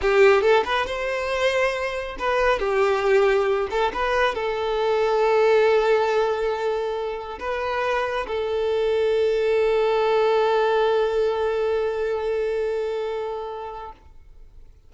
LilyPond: \new Staff \with { instrumentName = "violin" } { \time 4/4 \tempo 4 = 138 g'4 a'8 b'8 c''2~ | c''4 b'4 g'2~ | g'8 a'8 b'4 a'2~ | a'1~ |
a'4 b'2 a'4~ | a'1~ | a'1~ | a'1 | }